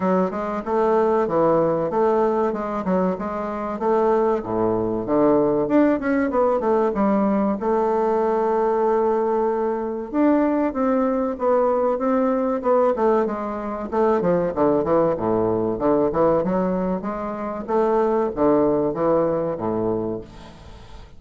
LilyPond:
\new Staff \with { instrumentName = "bassoon" } { \time 4/4 \tempo 4 = 95 fis8 gis8 a4 e4 a4 | gis8 fis8 gis4 a4 a,4 | d4 d'8 cis'8 b8 a8 g4 | a1 |
d'4 c'4 b4 c'4 | b8 a8 gis4 a8 f8 d8 e8 | a,4 d8 e8 fis4 gis4 | a4 d4 e4 a,4 | }